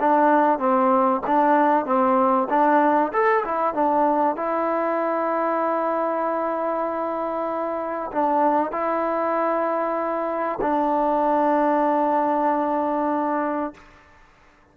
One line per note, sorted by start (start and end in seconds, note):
0.00 0.59 D4
0.59 1.21 C4
1.27 1.86 D4
1.86 2.48 C4
2.49 3.12 D4
3.13 3.44 A4
3.45 3.74 E4
3.74 4.36 D4
4.36 8.11 E4
8.12 8.72 D4
8.72 10.59 E4
10.61 13.74 D4